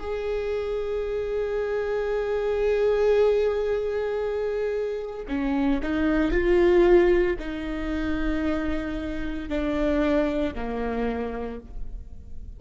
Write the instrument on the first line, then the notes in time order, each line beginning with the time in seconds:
viola
0.00 G#4
5.29 C#4
5.83 D#4
6.32 F4
7.39 D#4
9.50 D4
10.55 A#3